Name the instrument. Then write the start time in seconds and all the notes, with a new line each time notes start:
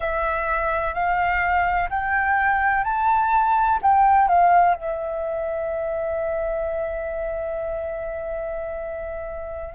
flute
0.00 E5
0.94 F5
1.89 G5
2.84 A5
3.81 G5
4.28 F5
4.74 E5